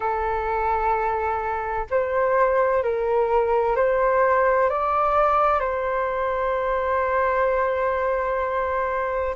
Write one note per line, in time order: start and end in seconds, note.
0.00 1.86 A4
1.90 2.83 C5
2.83 3.76 A#4
3.76 4.69 C5
4.69 5.60 D5
5.60 9.35 C5